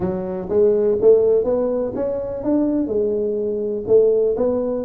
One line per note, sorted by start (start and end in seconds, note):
0.00 0.48 F#3
0.49 0.97 G#3
1.01 1.44 A3
1.44 1.92 B3
1.95 2.43 C#4
2.43 2.87 D4
2.87 3.84 G#3
3.87 4.35 A3
4.36 4.84 B3